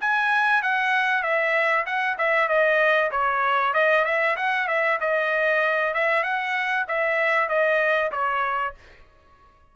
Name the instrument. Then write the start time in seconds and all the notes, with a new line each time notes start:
trumpet
0.00 G#5
0.62 F#5
1.22 E5
1.86 F#5
2.18 E5
2.48 D#5
3.11 C#5
3.74 D#5
4.05 E5
4.36 F#5
4.67 E5
5.00 D#5
5.93 E5
6.23 F#5
6.88 E5
7.49 D#5
8.12 C#5